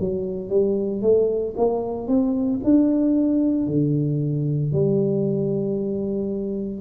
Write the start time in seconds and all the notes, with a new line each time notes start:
0.00 F#3
0.50 G3
1.02 A3
1.57 A#3
2.08 C4
2.64 D4
3.67 D3
4.73 G3